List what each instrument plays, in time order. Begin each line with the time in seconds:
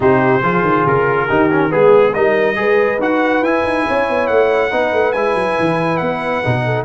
0.00 tuba C3, trombone D#4, horn G4, trumpet C5
0.41 tuba F3, trombone F4, horn G#4
0.61 tuba D#3
0.86 tuba C#3, trumpet A#4
1.27 tuba D#3, trombone D#4, horn G4
1.51 trombone C#4
1.69 tuba G#3, trombone B3, horn G#4, trumpet G#4
2.14 tuba G3, trombone D#4, horn A#4, trumpet D#5
2.55 tuba G#3, trombone G#4, horn B4
2.98 tuba D#4, trombone F#4, trumpet F#5
3.41 tuba E4, trombone E4, trumpet G#5
3.63 tuba D#4
3.87 tuba C#4, horn C#5
4.09 tuba B3
4.27 tuba A3, trumpet F#5
4.71 tuba B3, trombone D#4, horn B4
4.93 tuba A3
5.12 tuba G#3, trombone E4, trumpet G#5
5.34 tuba F#3
5.59 tuba E3
5.97 tuba B3, trumpet F#5
6.44 tuba B2, trombone D#4
6.65 horn A4